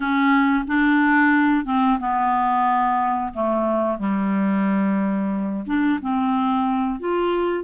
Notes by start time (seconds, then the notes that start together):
0.00 C#4
0.67 D4
1.65 C4
1.99 B3
3.33 A3
3.98 G3
5.66 D4
6.01 C4
6.99 F4